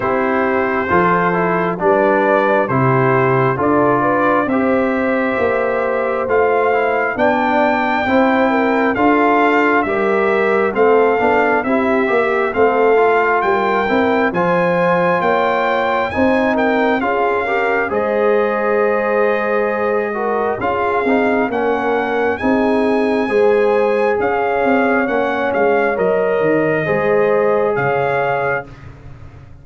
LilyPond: <<
  \new Staff \with { instrumentName = "trumpet" } { \time 4/4 \tempo 4 = 67 c''2 d''4 c''4 | d''4 e''2 f''4 | g''2 f''4 e''4 | f''4 e''4 f''4 g''4 |
gis''4 g''4 gis''8 g''8 f''4 | dis''2. f''4 | fis''4 gis''2 f''4 | fis''8 f''8 dis''2 f''4 | }
  \new Staff \with { instrumentName = "horn" } { \time 4/4 g'4 a'4 b'4 g'4 | a'8 b'8 c''2. | d''4 c''8 ais'8 a'4 ais'4 | a'4 g'4 a'4 ais'4 |
c''4 cis''4 c''8 ais'8 gis'8 ais'8 | c''2~ c''8 ais'8 gis'4 | ais'4 gis'4 c''4 cis''4~ | cis''2 c''4 cis''4 | }
  \new Staff \with { instrumentName = "trombone" } { \time 4/4 e'4 f'8 e'8 d'4 e'4 | f'4 g'2 f'8 e'8 | d'4 e'4 f'4 g'4 | c'8 d'8 e'8 g'8 c'8 f'4 e'8 |
f'2 dis'4 f'8 g'8 | gis'2~ gis'8 fis'8 f'8 dis'8 | cis'4 dis'4 gis'2 | cis'4 ais'4 gis'2 | }
  \new Staff \with { instrumentName = "tuba" } { \time 4/4 c'4 f4 g4 c4 | d'4 c'4 ais4 a4 | b4 c'4 d'4 g4 | a8 b8 c'8 ais8 a4 g8 c'8 |
f4 ais4 c'4 cis'4 | gis2. cis'8 c'8 | ais4 c'4 gis4 cis'8 c'8 | ais8 gis8 fis8 dis8 gis4 cis4 | }
>>